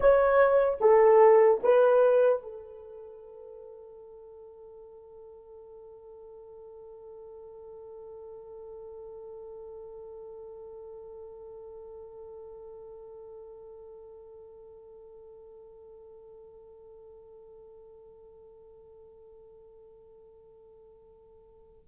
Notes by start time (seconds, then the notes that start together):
0.00 C#5
0.80 A4
1.63 B4
2.43 A4